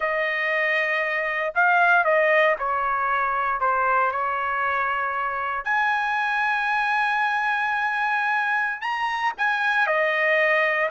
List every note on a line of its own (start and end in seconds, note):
0.00 1.53 D#5
1.54 2.04 F5
2.04 2.55 D#5
2.59 3.60 C#5
3.60 4.11 C5
4.11 5.64 C#5
5.64 8.81 G#5
8.81 9.32 A#5
9.37 9.86 G#5
9.86 10.89 D#5